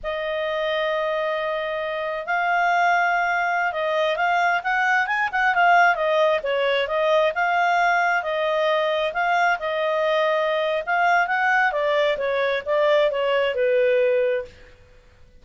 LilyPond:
\new Staff \with { instrumentName = "clarinet" } { \time 4/4 \tempo 4 = 133 dis''1~ | dis''4 f''2.~ | f''16 dis''4 f''4 fis''4 gis''8 fis''16~ | fis''16 f''4 dis''4 cis''4 dis''8.~ |
dis''16 f''2 dis''4.~ dis''16~ | dis''16 f''4 dis''2~ dis''8. | f''4 fis''4 d''4 cis''4 | d''4 cis''4 b'2 | }